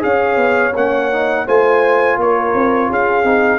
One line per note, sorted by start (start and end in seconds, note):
0.00 0.36 C#4
0.00 0.71 G#4
0.00 0.75 F5
0.06 1.46 C#5
0.36 0.72 B3
0.75 1.46 A#3
0.75 1.12 C#4
0.75 1.48 F#5
1.12 1.47 D#4
1.46 2.17 A3
1.46 3.25 F4
1.46 2.18 C5
1.46 2.20 G#5
2.17 2.53 A#3
2.17 2.90 A#4
2.17 2.93 C#5
2.54 2.90 C4
2.90 3.24 C#4
2.90 3.59 G#4
2.90 3.59 F5
3.24 3.59 C4
3.24 3.59 D#4